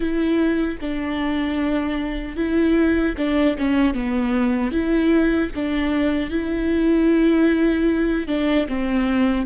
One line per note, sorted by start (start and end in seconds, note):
0.00 0.78 E4
0.81 2.36 D4
2.36 3.15 E4
3.17 3.57 D4
3.57 3.93 C#4
3.93 4.71 B3
4.71 5.50 E4
5.55 6.30 D4
6.30 8.27 E4
8.27 8.67 D4
8.68 9.46 C4